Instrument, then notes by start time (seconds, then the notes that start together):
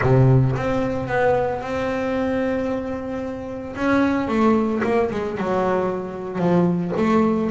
double bass
0.01 C3
0.55 C4
1.07 B3
1.61 C4
3.75 C#4
4.28 A3
4.83 A#3
5.10 G#3
5.37 F#3
6.38 F3
6.96 A3